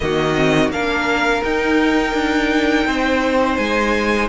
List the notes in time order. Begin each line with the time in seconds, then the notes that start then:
0.00 D#3 A#3 F#4 D#5
0.35 C4
0.70 A#3 D4 A#4 F5
1.43 D#4 G5
2.13 D4
2.86 C4 C5
3.56 G#3 G#5